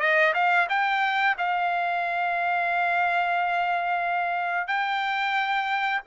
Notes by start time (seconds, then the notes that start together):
0.00 D#5
0.34 F5
0.69 G5
1.38 F5
4.68 G5